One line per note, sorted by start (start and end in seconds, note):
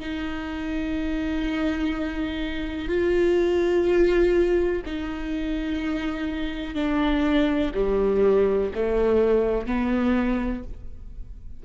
0.00 2.89 D#4
2.89 4.82 F4
4.86 6.75 D#4
6.75 7.72 D4
7.75 8.71 G3
8.75 9.67 A3
9.67 10.64 B3